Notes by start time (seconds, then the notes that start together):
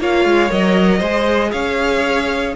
0.00 A#3 F4 C#5 F5
0.24 G#3
0.49 F#3 A#4 D#5
0.98 G#3 G#4 C5
1.51 C#4 C#5 F5